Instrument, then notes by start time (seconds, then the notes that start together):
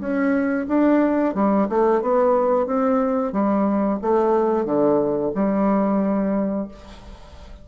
bassoon
0.00 C#4
0.68 D4
1.35 G3
1.70 A3
2.02 B3
2.66 C4
3.33 G3
4.02 A3
4.65 D3
5.35 G3